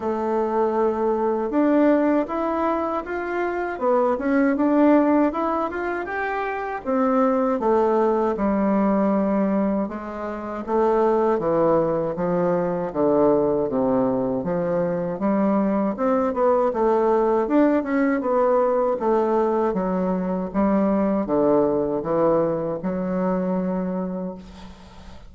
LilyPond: \new Staff \with { instrumentName = "bassoon" } { \time 4/4 \tempo 4 = 79 a2 d'4 e'4 | f'4 b8 cis'8 d'4 e'8 f'8 | g'4 c'4 a4 g4~ | g4 gis4 a4 e4 |
f4 d4 c4 f4 | g4 c'8 b8 a4 d'8 cis'8 | b4 a4 fis4 g4 | d4 e4 fis2 | }